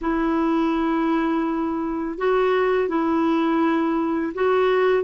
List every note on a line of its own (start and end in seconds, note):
0.01 2.18 E4
2.18 2.88 F#4
2.88 4.33 E4
4.34 5.03 F#4